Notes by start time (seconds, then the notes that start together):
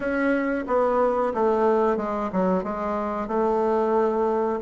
0.00 C#4
0.67 B3
1.34 A3
1.97 G#3
2.32 F#3
2.63 G#3
3.27 A3